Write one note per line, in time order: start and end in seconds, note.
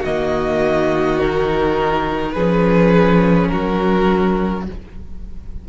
0.00 2.36 D#3
0.00 1.20 A#3
0.00 2.31 F#4
0.00 1.20 D#5
1.20 2.35 D#4
1.20 2.32 A#4
2.32 3.52 F3
2.32 4.66 C#4
2.32 3.50 G#4
2.32 3.48 B4
3.48 4.69 F#3
3.48 4.67 F#4
3.48 4.63 A#4